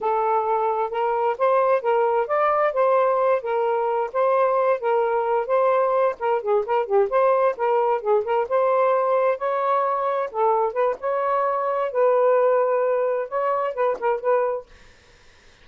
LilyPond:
\new Staff \with { instrumentName = "saxophone" } { \time 4/4 \tempo 4 = 131 a'2 ais'4 c''4 | ais'4 d''4 c''4. ais'8~ | ais'4 c''4. ais'4. | c''4. ais'8 gis'8 ais'8 g'8 c''8~ |
c''8 ais'4 gis'8 ais'8 c''4.~ | c''8 cis''2 a'4 b'8 | cis''2 b'2~ | b'4 cis''4 b'8 ais'8 b'4 | }